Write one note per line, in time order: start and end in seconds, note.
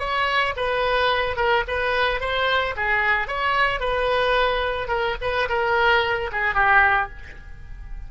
0.00 0.54 C#5
0.57 1.37 B4
1.37 1.64 A#4
1.68 2.21 B4
2.21 2.75 C5
2.77 3.28 G#4
3.28 3.80 C#5
3.80 4.89 B4
4.89 5.16 A#4
5.22 5.49 B4
5.49 6.31 A#4
6.32 6.55 G#4
6.55 7.10 G4